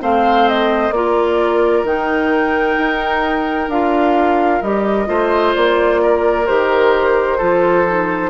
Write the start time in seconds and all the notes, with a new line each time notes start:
0.00 A3 C4 C5 F5
0.48 D#5
0.91 A#3 F4 A#4 D5
1.83 D#3 D#4 G5
2.78 D#4
3.68 D4 F4 F5
4.62 G3 G4 D#5
5.06 A3 F4 C5
5.54 A#3 D5
6.02 A#4
6.47 D#3 G4 C5
7.37 F3 F4 A4
7.87 D#4